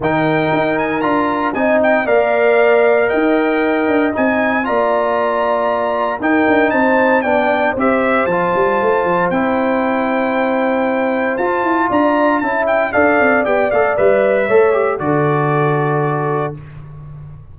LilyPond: <<
  \new Staff \with { instrumentName = "trumpet" } { \time 4/4 \tempo 4 = 116 g''4. gis''8 ais''4 gis''8 g''8 | f''2 g''2 | gis''4 ais''2. | g''4 a''4 g''4 e''4 |
a''2 g''2~ | g''2 a''4 ais''4 | a''8 g''8 f''4 g''8 f''8 e''4~ | e''4 d''2. | }
  \new Staff \with { instrumentName = "horn" } { \time 4/4 ais'2. dis''4 | d''2 dis''2~ | dis''4 d''2. | ais'4 c''4 d''4 c''4~ |
c''1~ | c''2. d''4 | e''4 d''2. | cis''4 a'2. | }
  \new Staff \with { instrumentName = "trombone" } { \time 4/4 dis'2 f'4 dis'4 | ais'1 | dis'4 f'2. | dis'2 d'4 g'4 |
f'2 e'2~ | e'2 f'2 | e'4 a'4 g'8 a'8 b'4 | a'8 g'8 fis'2. | }
  \new Staff \with { instrumentName = "tuba" } { \time 4/4 dis4 dis'4 d'4 c'4 | ais2 dis'4. d'8 | c'4 ais2. | dis'8 d'8 c'4 b4 c'4 |
f8 g8 a8 f8 c'2~ | c'2 f'8 e'8 d'4 | cis'4 d'8 c'8 b8 a8 g4 | a4 d2. | }
>>